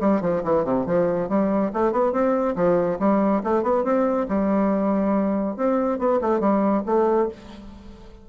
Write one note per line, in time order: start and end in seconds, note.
0.00 0.21 G3
0.21 0.43 F3
0.43 0.64 E3
0.64 0.86 C3
0.86 1.28 F3
1.28 1.71 G3
1.73 1.92 A3
1.92 2.12 B3
2.12 2.55 C4
2.55 2.98 F3
2.99 3.42 G3
3.43 3.63 A3
3.63 3.84 B3
3.84 4.27 C4
4.28 5.56 G3
5.56 5.98 C4
5.98 6.20 B3
6.21 6.40 A3
6.40 6.83 G3
6.86 7.29 A3